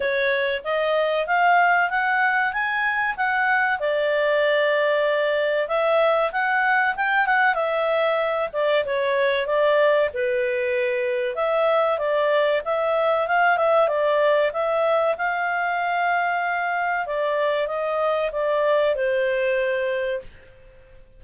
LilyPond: \new Staff \with { instrumentName = "clarinet" } { \time 4/4 \tempo 4 = 95 cis''4 dis''4 f''4 fis''4 | gis''4 fis''4 d''2~ | d''4 e''4 fis''4 g''8 fis''8 | e''4. d''8 cis''4 d''4 |
b'2 e''4 d''4 | e''4 f''8 e''8 d''4 e''4 | f''2. d''4 | dis''4 d''4 c''2 | }